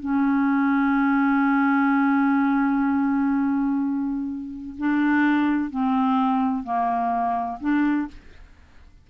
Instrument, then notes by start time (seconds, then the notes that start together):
clarinet
0.00 C#4
4.78 D4
5.71 C4
6.64 A#3
7.60 D4